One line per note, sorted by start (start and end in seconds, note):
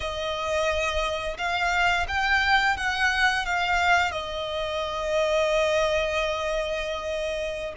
0.00 1.37 D#5
1.37 2.06 F5
2.08 2.76 G5
2.76 3.45 F#5
3.45 4.11 F5
4.11 7.73 D#5